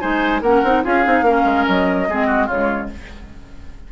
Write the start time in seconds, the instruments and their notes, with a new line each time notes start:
0.00 bassoon G#3, clarinet D#4, oboe C5, flute G#5
0.42 bassoon A#3, clarinet C#4, oboe A#4, flute F#5
0.63 bassoon C4, clarinet D#4
0.83 bassoon C#4, clarinet F4, oboe G#4, flute F5
1.04 bassoon C4, clarinet D#4
1.22 bassoon A#3, clarinet C#4, oboe A#4
1.45 bassoon G#3
1.67 bassoon F#3, flute D#5
2.08 bassoon G#3, clarinet C4, oboe G#4
2.27 oboe F#4
2.46 bassoon C#3, clarinet G#3, oboe F4, flute C#5